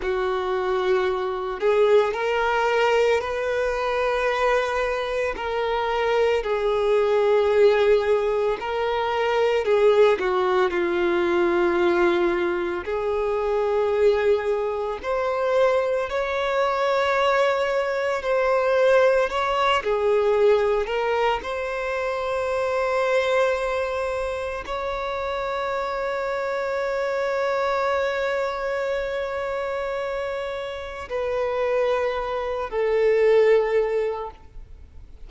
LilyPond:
\new Staff \with { instrumentName = "violin" } { \time 4/4 \tempo 4 = 56 fis'4. gis'8 ais'4 b'4~ | b'4 ais'4 gis'2 | ais'4 gis'8 fis'8 f'2 | gis'2 c''4 cis''4~ |
cis''4 c''4 cis''8 gis'4 ais'8 | c''2. cis''4~ | cis''1~ | cis''4 b'4. a'4. | }